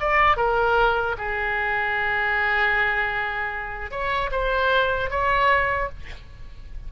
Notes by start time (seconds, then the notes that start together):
0.00 D5
0.37 A#4
1.18 G#4
3.91 C#5
4.32 C5
5.10 C#5